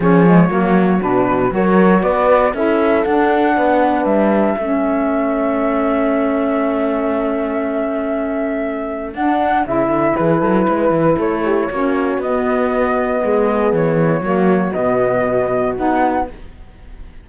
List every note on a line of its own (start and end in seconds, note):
0.00 0.50 F3
0.00 0.25 C#4
0.00 0.50 G#4
0.00 1.01 C#5
0.25 0.50 G#3
0.50 1.00 F#3
0.50 1.01 A#3
0.50 1.53 F#4
1.01 1.51 B2
1.01 1.50 D4
1.01 1.52 B4
1.50 2.02 F#3
1.50 2.52 F#4
1.50 2.02 A#4
1.50 2.02 C#5
2.02 2.53 B3
2.02 2.52 B4
2.02 2.53 D5
2.53 3.04 C#4
2.53 3.05 E4
2.53 3.56 A4
2.53 3.04 E5
3.04 3.56 D4
3.04 4.57 D4
3.04 4.04 F#5
3.56 4.04 B3
3.56 4.58 B4
4.04 4.55 G3
4.04 9.13 E5
4.57 9.14 A3
4.57 9.15 C#4
4.57 10.17 A4
9.14 9.65 D4
9.14 9.66 D4
9.14 9.65 F#5
9.66 9.88 C#3
9.66 11.69 E4
9.66 10.16 E5
9.88 10.13 D3
10.16 10.41 E3
10.16 10.40 G#4
10.16 11.17 B4
10.40 10.67 F#3
10.40 10.66 A4
10.68 10.90 G#3
10.68 11.18 B4
10.90 11.15 E3
11.18 11.69 A3
11.18 11.43 A4
11.18 12.21 C#5
11.44 11.69 G4
11.70 12.17 A#3
11.70 12.22 C#4
11.70 13.23 F#4
12.17 13.19 B3
12.17 14.22 B3
12.17 13.73 D#5
13.23 13.72 G#3
13.23 14.24 G#4
13.72 14.20 E3
13.72 14.72 C#5
14.20 14.71 F#3
14.20 14.72 A#3
14.20 16.27 F#4
14.72 15.78 B2
14.72 15.73 B3
14.72 15.74 D#5
15.76 16.29 B3
15.76 16.26 D#4
15.76 16.28 F#5